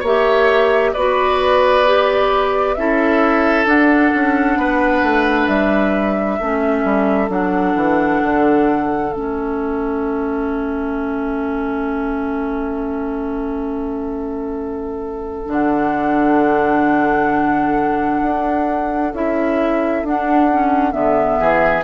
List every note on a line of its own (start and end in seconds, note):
0.00 0.94 A#3
0.00 0.96 G4
0.00 0.91 C#5
0.00 0.94 E5
0.94 2.77 B3
0.94 1.86 F#4
0.94 2.76 B4
0.94 2.75 D5
1.86 2.77 G4
2.75 3.66 C#4
2.75 3.67 E4
2.75 4.59 A4
2.75 3.66 E5
3.66 4.12 D4
3.66 6.39 D4
3.66 5.48 F#5
4.15 4.56 C#4
4.56 5.02 B3
4.56 6.39 B4
5.03 5.48 A3
5.48 6.39 G3
5.48 7.29 E5
6.39 6.84 A3
6.39 7.29 C#4
6.39 21.39 A4
6.84 7.30 G3
7.29 7.75 F#3
7.29 9.11 D4
7.29 9.13 F#5
7.75 8.21 E3
8.23 9.14 D3
9.13 15.48 A3
9.13 15.46 C#4
9.13 15.49 E5
15.46 18.21 D3
15.46 19.10 D4
15.46 19.15 F#5
18.23 19.13 D4
19.13 20.04 C#4
19.13 20.05 E4
19.13 20.06 E5
20.04 20.93 D4
20.04 20.51 D4
20.04 20.92 F#5
20.51 20.92 C#4
20.92 21.39 D3
20.92 21.83 B3
20.92 21.83 E5
21.39 21.84 E3
21.39 21.84 G#4